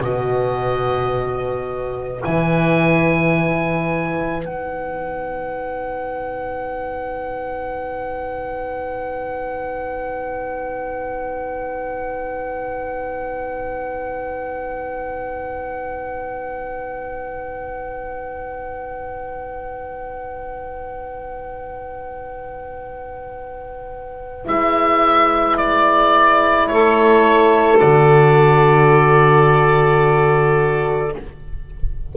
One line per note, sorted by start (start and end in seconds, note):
0.00 2.22 B2
0.00 2.24 F#4
0.00 26.69 B4
0.00 2.23 D#5
2.23 4.45 E3
2.23 4.46 E4
2.23 4.45 G#5
4.45 24.45 B3
4.45 24.45 D#4
4.45 24.45 F#5
24.45 26.69 G#3
24.45 27.78 E4
24.45 25.57 E5
25.57 26.67 D5
26.67 27.81 A3
26.67 31.16 A4
26.67 27.78 C#5
27.79 31.15 D3
27.79 31.12 F#4
27.79 31.13 D5